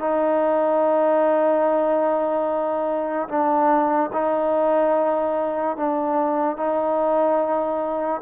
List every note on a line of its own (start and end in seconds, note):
0.00 3.29 D#4
3.29 4.11 D4
4.13 5.77 D#4
5.77 6.57 D4
6.57 8.22 D#4